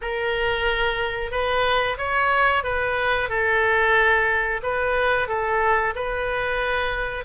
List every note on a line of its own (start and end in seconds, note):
0.01 1.31 A#4
1.31 1.97 B4
1.97 2.63 C#5
2.63 3.29 B4
3.29 4.61 A4
4.62 5.27 B4
5.27 5.93 A4
5.95 7.24 B4